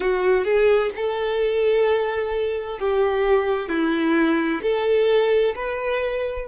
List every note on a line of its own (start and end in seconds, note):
0.00 0.44 F#4
0.44 0.90 G#4
0.95 2.79 A4
2.79 3.68 G4
3.68 4.61 E4
4.62 5.54 A4
5.55 6.47 B4